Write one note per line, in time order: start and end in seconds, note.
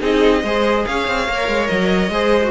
0.00 0.43 C4
0.00 0.42 D#4
0.00 0.43 G#4
0.00 0.86 D#5
0.43 0.85 G#3
0.43 1.28 G#4
0.43 0.86 C5
0.86 1.08 C#4
0.86 2.12 C#5
0.86 1.67 F5
1.08 1.28 C4
1.28 1.48 A#3
1.28 2.11 A#4
1.48 1.69 G#3
1.67 2.09 F#3
1.67 2.51 D#5
2.09 2.50 G#3
2.09 2.43 G#4
2.09 2.51 C5
2.43 2.51 F#4